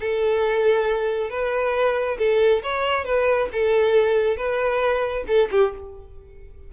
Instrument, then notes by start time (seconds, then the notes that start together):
violin
0.00 A4
1.30 B4
2.18 A4
2.62 C#5
3.05 B4
3.52 A4
4.36 B4
5.27 A4
5.51 G4